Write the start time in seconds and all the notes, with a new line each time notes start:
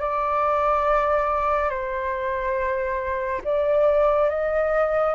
0.00 D5
1.69 C5
3.44 D5
4.29 D#5